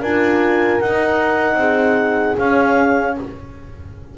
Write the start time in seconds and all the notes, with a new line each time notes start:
0.00 D4 F4 A#4 G#5
0.80 D#4 F#5
1.54 C4 G#4
2.37 C#4 F5